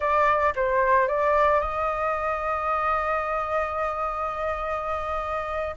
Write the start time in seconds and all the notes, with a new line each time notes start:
0.00 D5
0.55 C5
1.08 D5
1.60 D#5